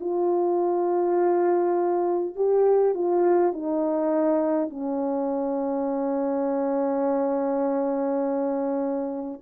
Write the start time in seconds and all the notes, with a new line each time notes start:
0.00 F4
2.35 G4
2.94 F4
3.53 D#4
4.70 C#4